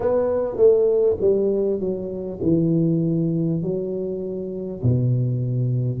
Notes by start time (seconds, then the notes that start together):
0.00 B3
0.56 A3
1.20 G3
1.80 F#3
2.42 E3
3.62 F#3
4.82 B2